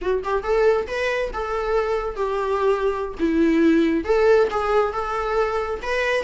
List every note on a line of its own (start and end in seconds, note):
0.01 0.23 F#4
0.23 0.43 G4
0.43 0.86 A4
0.87 1.31 B4
1.33 2.15 A4
2.15 3.14 G4
3.19 4.04 E4
4.04 4.48 A4
4.50 4.92 G#4
4.92 5.80 A4
5.82 6.23 B4